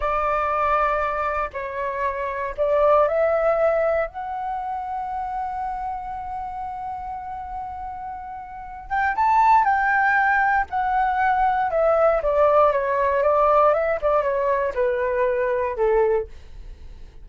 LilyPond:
\new Staff \with { instrumentName = "flute" } { \time 4/4 \tempo 4 = 118 d''2. cis''4~ | cis''4 d''4 e''2 | fis''1~ | fis''1~ |
fis''4. g''8 a''4 g''4~ | g''4 fis''2 e''4 | d''4 cis''4 d''4 e''8 d''8 | cis''4 b'2 a'4 | }